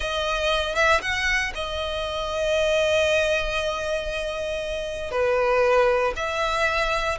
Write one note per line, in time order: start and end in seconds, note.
0.00 0.75 D#5
0.75 1.00 E5
1.01 1.52 F#5
1.54 5.11 D#5
5.11 6.13 B4
6.15 7.18 E5